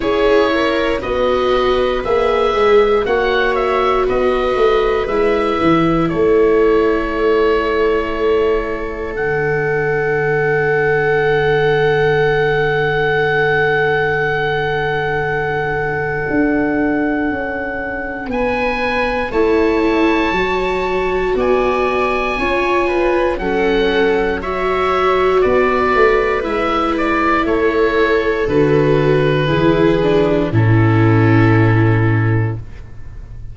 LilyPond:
<<
  \new Staff \with { instrumentName = "oboe" } { \time 4/4 \tempo 4 = 59 cis''4 dis''4 e''4 fis''8 e''8 | dis''4 e''4 cis''2~ | cis''4 fis''2.~ | fis''1~ |
fis''2 gis''4 a''4~ | a''4 gis''2 fis''4 | e''4 d''4 e''8 d''8 cis''4 | b'2 a'2 | }
  \new Staff \with { instrumentName = "viola" } { \time 4/4 gis'8 ais'8 b'2 cis''4 | b'2 a'2~ | a'1~ | a'1~ |
a'2 b'4 cis''4~ | cis''4 d''4 cis''8 b'8 a'4 | cis''4 b'2 a'4~ | a'4 gis'4 e'2 | }
  \new Staff \with { instrumentName = "viola" } { \time 4/4 e'4 fis'4 gis'4 fis'4~ | fis'4 e'2.~ | e'4 d'2.~ | d'1~ |
d'2. e'4 | fis'2 f'4 cis'4 | fis'2 e'2 | fis'4 e'8 d'8 cis'2 | }
  \new Staff \with { instrumentName = "tuba" } { \time 4/4 cis'4 b4 ais8 gis8 ais4 | b8 a8 gis8 e8 a2~ | a4 d2.~ | d1 |
d'4 cis'4 b4 a4 | fis4 b4 cis'4 fis4~ | fis4 b8 a8 gis4 a4 | d4 e4 a,2 | }
>>